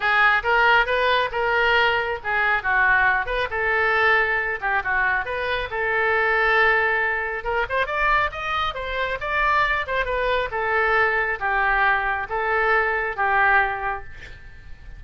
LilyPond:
\new Staff \with { instrumentName = "oboe" } { \time 4/4 \tempo 4 = 137 gis'4 ais'4 b'4 ais'4~ | ais'4 gis'4 fis'4. b'8 | a'2~ a'8 g'8 fis'4 | b'4 a'2.~ |
a'4 ais'8 c''8 d''4 dis''4 | c''4 d''4. c''8 b'4 | a'2 g'2 | a'2 g'2 | }